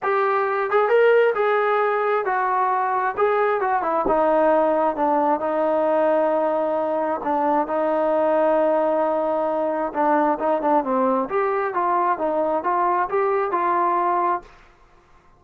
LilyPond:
\new Staff \with { instrumentName = "trombone" } { \time 4/4 \tempo 4 = 133 g'4. gis'8 ais'4 gis'4~ | gis'4 fis'2 gis'4 | fis'8 e'8 dis'2 d'4 | dis'1 |
d'4 dis'2.~ | dis'2 d'4 dis'8 d'8 | c'4 g'4 f'4 dis'4 | f'4 g'4 f'2 | }